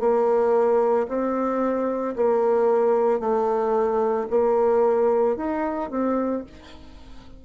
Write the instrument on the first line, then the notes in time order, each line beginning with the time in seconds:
bassoon
0.00 A#3
1.08 C4
2.16 A#3
3.19 A3
4.30 A#3
5.37 D#4
5.90 C4